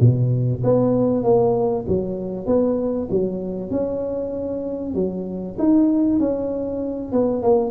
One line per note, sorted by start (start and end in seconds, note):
0.00 0.62 B2
0.64 1.23 B3
1.23 1.85 A#3
1.88 2.46 F#3
2.46 3.08 B3
3.10 3.71 F#3
3.71 4.94 C#4
4.94 5.56 F#3
5.58 6.19 D#4
6.19 7.12 C#4
7.12 7.43 B3
7.43 7.70 A#3